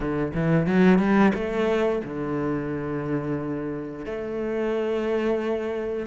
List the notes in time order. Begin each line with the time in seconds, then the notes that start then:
0.00 D3
0.34 E3
0.66 F#3
0.98 G3
1.34 A3
2.04 D3
4.05 A3